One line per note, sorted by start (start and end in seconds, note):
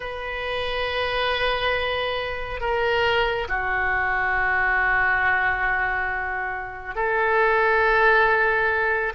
0.00 2.60 B4
2.60 3.47 A#4
3.48 6.95 F#4
6.95 9.12 A4